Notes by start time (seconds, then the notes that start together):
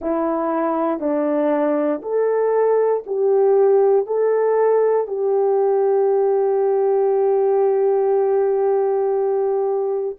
0.01 E4
0.99 D4
2.02 A4
3.06 G4
4.06 A4
5.07 G4